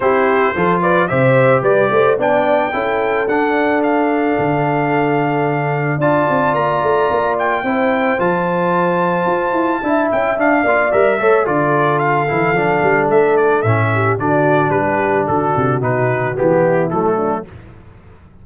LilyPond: <<
  \new Staff \with { instrumentName = "trumpet" } { \time 4/4 \tempo 4 = 110 c''4. d''8 e''4 d''4 | g''2 fis''4 f''4~ | f''2. a''4 | ais''4. g''4. a''4~ |
a''2~ a''8 g''8 f''4 | e''4 d''4 f''2 | e''8 d''8 e''4 d''4 b'4 | a'4 b'4 g'4 a'4 | }
  \new Staff \with { instrumentName = "horn" } { \time 4/4 g'4 a'8 b'8 c''4 b'8 c''8 | d''4 a'2.~ | a'2. d''4~ | d''2 c''2~ |
c''2 e''4. d''8~ | d''8 cis''8 a'2.~ | a'4. g'8 fis'4 g'4 | fis'2~ fis'8 e'4 d'8 | }
  \new Staff \with { instrumentName = "trombone" } { \time 4/4 e'4 f'4 g'2 | d'4 e'4 d'2~ | d'2. f'4~ | f'2 e'4 f'4~ |
f'2 e'4 d'8 f'8 | ais'8 a'8 f'4. e'8 d'4~ | d'4 cis'4 d'2~ | d'4 dis'4 b4 a4 | }
  \new Staff \with { instrumentName = "tuba" } { \time 4/4 c'4 f4 c4 g8 a8 | b4 cis'4 d'2 | d2. d'8 c'8 | ais8 a8 ais4 c'4 f4~ |
f4 f'8 e'8 d'8 cis'8 d'8 ais8 | g8 a8 d4. e8 f8 g8 | a4 a,4 d4 g4 | d8 c8 b,4 e4 fis4 | }
>>